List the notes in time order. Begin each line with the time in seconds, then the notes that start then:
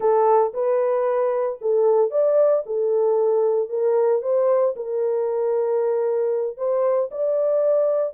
0.00 A4
0.53 B4
1.61 A4
2.11 D5
2.66 A4
3.69 A#4
4.22 C5
4.76 A#4
6.57 C5
7.11 D5